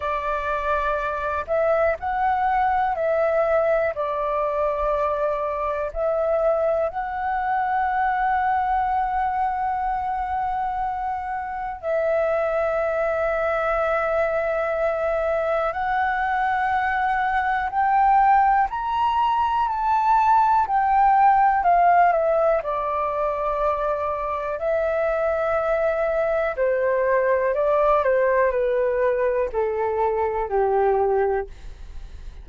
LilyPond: \new Staff \with { instrumentName = "flute" } { \time 4/4 \tempo 4 = 61 d''4. e''8 fis''4 e''4 | d''2 e''4 fis''4~ | fis''1 | e''1 |
fis''2 g''4 ais''4 | a''4 g''4 f''8 e''8 d''4~ | d''4 e''2 c''4 | d''8 c''8 b'4 a'4 g'4 | }